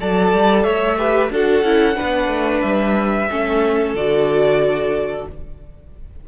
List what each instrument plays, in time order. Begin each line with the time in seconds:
0.00 cello F#3, viola A4, violin D5 A5
0.33 cello G3
0.63 cello A3, violin C#5 E5
0.97 viola G4, violin B4
1.30 cello D4, viola F#4, violin A4 F#5
1.63 cello C#4, viola E4
1.96 cello B3, viola D4, violin B4
2.28 cello A3
2.62 cello G3, violin E5
3.31 cello A3, viola C#4, violin A4
3.94 cello D3, viola F#4, violin D5